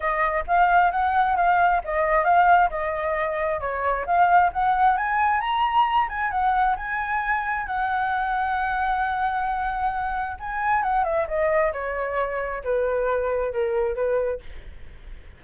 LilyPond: \new Staff \with { instrumentName = "flute" } { \time 4/4 \tempo 4 = 133 dis''4 f''4 fis''4 f''4 | dis''4 f''4 dis''2 | cis''4 f''4 fis''4 gis''4 | ais''4. gis''8 fis''4 gis''4~ |
gis''4 fis''2.~ | fis''2. gis''4 | fis''8 e''8 dis''4 cis''2 | b'2 ais'4 b'4 | }